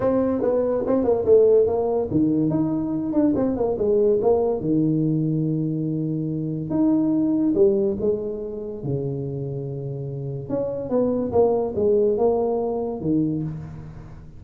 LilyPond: \new Staff \with { instrumentName = "tuba" } { \time 4/4 \tempo 4 = 143 c'4 b4 c'8 ais8 a4 | ais4 dis4 dis'4. d'8 | c'8 ais8 gis4 ais4 dis4~ | dis1 |
dis'2 g4 gis4~ | gis4 cis2.~ | cis4 cis'4 b4 ais4 | gis4 ais2 dis4 | }